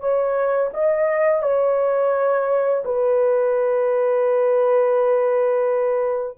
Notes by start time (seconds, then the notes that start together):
0.00 C#5
0.74 D#5
1.42 C#5
2.85 B4